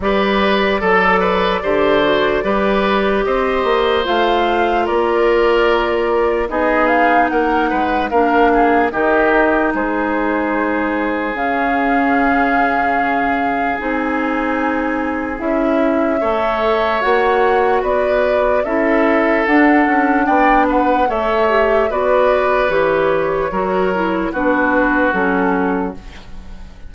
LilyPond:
<<
  \new Staff \with { instrumentName = "flute" } { \time 4/4 \tempo 4 = 74 d''1 | dis''4 f''4 d''2 | dis''8 f''8 fis''4 f''4 dis''4 | c''2 f''2~ |
f''4 gis''2 e''4~ | e''4 fis''4 d''4 e''4 | fis''4 g''8 fis''8 e''4 d''4 | cis''2 b'4 a'4 | }
  \new Staff \with { instrumentName = "oboe" } { \time 4/4 b'4 a'8 b'8 c''4 b'4 | c''2 ais'2 | gis'4 ais'8 b'8 ais'8 gis'8 g'4 | gis'1~ |
gis'1 | cis''2 b'4 a'4~ | a'4 d''8 b'8 cis''4 b'4~ | b'4 ais'4 fis'2 | }
  \new Staff \with { instrumentName = "clarinet" } { \time 4/4 g'4 a'4 g'8 fis'8 g'4~ | g'4 f'2. | dis'2 d'4 dis'4~ | dis'2 cis'2~ |
cis'4 dis'2 e'4 | a'4 fis'2 e'4 | d'2 a'8 g'8 fis'4 | g'4 fis'8 e'8 d'4 cis'4 | }
  \new Staff \with { instrumentName = "bassoon" } { \time 4/4 g4 fis4 d4 g4 | c'8 ais8 a4 ais2 | b4 ais8 gis8 ais4 dis4 | gis2 cis2~ |
cis4 c'2 cis'4 | a4 ais4 b4 cis'4 | d'8 cis'8 b4 a4 b4 | e4 fis4 b4 fis4 | }
>>